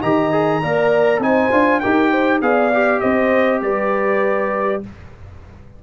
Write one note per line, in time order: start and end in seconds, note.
0.00 0.63 D#3
0.00 0.32 G4
0.00 0.60 D#5
0.00 1.22 A#5
0.32 0.62 G#4
0.61 1.19 A#3
0.61 1.22 A#4
0.61 1.21 D5
1.19 1.49 C4
1.19 1.51 D#4
1.19 1.81 C5
1.19 1.80 G#5
1.51 1.82 D4
1.51 1.81 F4
1.80 2.42 D#4
1.80 2.42 G4
1.80 2.10 A#4
1.80 2.40 G5
2.10 2.40 C5
2.41 3.02 B3
2.41 2.72 G#4
2.41 3.01 D5
2.41 3.00 F5
2.73 4.83 G4
3.00 3.62 C4
3.00 3.61 C5
3.00 3.60 D#5
3.62 4.82 G3
3.62 4.83 B4
3.62 4.83 D5